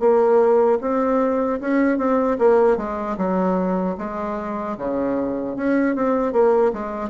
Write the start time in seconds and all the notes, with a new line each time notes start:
0.00 A#3
0.81 C4
1.61 C#4
1.98 C4
2.39 A#3
2.77 G#3
3.18 F#3
3.98 G#3
4.78 C#3
5.57 C#4
5.96 C4
6.33 A#3
6.73 G#3